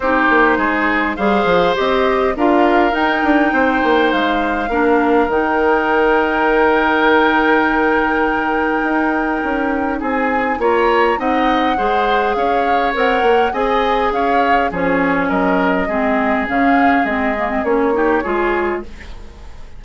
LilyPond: <<
  \new Staff \with { instrumentName = "flute" } { \time 4/4 \tempo 4 = 102 c''2 f''4 dis''4 | f''4 g''2 f''4~ | f''4 g''2.~ | g''1~ |
g''4 gis''4 ais''4 fis''4~ | fis''4 f''4 fis''4 gis''4 | f''4 cis''4 dis''2 | f''4 dis''4 cis''2 | }
  \new Staff \with { instrumentName = "oboe" } { \time 4/4 g'4 gis'4 c''2 | ais'2 c''2 | ais'1~ | ais'1~ |
ais'4 gis'4 cis''4 dis''4 | c''4 cis''2 dis''4 | cis''4 gis'4 ais'4 gis'4~ | gis'2~ gis'8 g'8 gis'4 | }
  \new Staff \with { instrumentName = "clarinet" } { \time 4/4 dis'2 gis'4 g'4 | f'4 dis'2. | d'4 dis'2.~ | dis'1~ |
dis'2 f'4 dis'4 | gis'2 ais'4 gis'4~ | gis'4 cis'2 c'4 | cis'4 c'8 ais16 c'16 cis'8 dis'8 f'4 | }
  \new Staff \with { instrumentName = "bassoon" } { \time 4/4 c'8 ais8 gis4 g8 f8 c'4 | d'4 dis'8 d'8 c'8 ais8 gis4 | ais4 dis2.~ | dis2. dis'4 |
cis'4 c'4 ais4 c'4 | gis4 cis'4 c'8 ais8 c'4 | cis'4 f4 fis4 gis4 | cis4 gis4 ais4 gis4 | }
>>